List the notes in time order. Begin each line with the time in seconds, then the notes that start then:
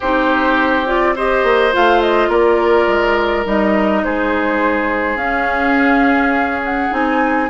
0.00 C4 D#4 G4 C5
0.86 F4 D5
1.15 G4 C5 D#5
1.43 A#3
1.72 A3 F4 F5
2.01 D#5
2.28 A#3 A#4 D5
2.87 G#3
3.45 G3 D#4 D#5
4.04 G#3 G#4 C5
5.15 C#4 F5
6.64 F#5
6.91 C4 D#4 G#5